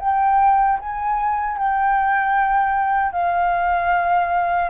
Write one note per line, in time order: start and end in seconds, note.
0.00 0.79 G5
0.80 1.58 G#5
1.58 3.13 G5
3.13 4.70 F5